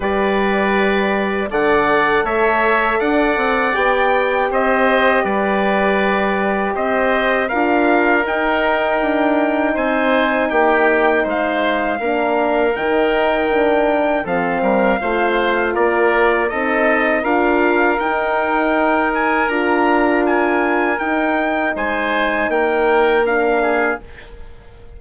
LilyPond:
<<
  \new Staff \with { instrumentName = "trumpet" } { \time 4/4 \tempo 4 = 80 d''2 fis''4 e''4 | fis''4 g''4 dis''4 d''4~ | d''4 dis''4 f''4 g''4~ | g''4 gis''4 g''4 f''4~ |
f''4 g''2 f''4~ | f''4 d''4 dis''4 f''4 | g''4. gis''8 ais''4 gis''4 | g''4 gis''4 g''4 f''4 | }
  \new Staff \with { instrumentName = "oboe" } { \time 4/4 b'2 d''4 cis''4 | d''2 c''4 b'4~ | b'4 c''4 ais'2~ | ais'4 c''4 g'4 c''4 |
ais'2. a'8 ais'8 | c''4 ais'4 a'4 ais'4~ | ais'1~ | ais'4 c''4 ais'4. gis'8 | }
  \new Staff \with { instrumentName = "horn" } { \time 4/4 g'2 a'2~ | a'4 g'2.~ | g'2 f'4 dis'4~ | dis'1 |
d'4 dis'4 d'4 c'4 | f'2 dis'4 f'4 | dis'2 f'2 | dis'2. d'4 | }
  \new Staff \with { instrumentName = "bassoon" } { \time 4/4 g2 d4 a4 | d'8 c'8 b4 c'4 g4~ | g4 c'4 d'4 dis'4 | d'4 c'4 ais4 gis4 |
ais4 dis2 f8 g8 | a4 ais4 c'4 d'4 | dis'2 d'2 | dis'4 gis4 ais2 | }
>>